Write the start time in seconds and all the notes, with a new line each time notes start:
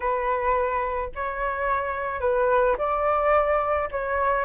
0.00 B4
1.15 C#5
2.20 B4
2.78 D5
3.91 C#5